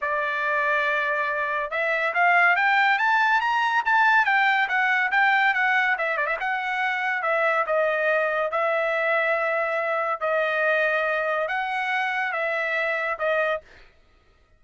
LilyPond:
\new Staff \with { instrumentName = "trumpet" } { \time 4/4 \tempo 4 = 141 d''1 | e''4 f''4 g''4 a''4 | ais''4 a''4 g''4 fis''4 | g''4 fis''4 e''8 d''16 e''16 fis''4~ |
fis''4 e''4 dis''2 | e''1 | dis''2. fis''4~ | fis''4 e''2 dis''4 | }